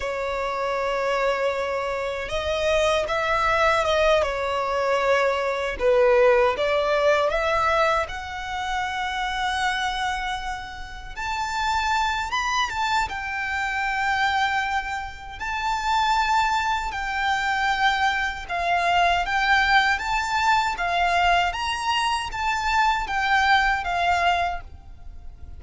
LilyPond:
\new Staff \with { instrumentName = "violin" } { \time 4/4 \tempo 4 = 78 cis''2. dis''4 | e''4 dis''8 cis''2 b'8~ | b'8 d''4 e''4 fis''4.~ | fis''2~ fis''8 a''4. |
b''8 a''8 g''2. | a''2 g''2 | f''4 g''4 a''4 f''4 | ais''4 a''4 g''4 f''4 | }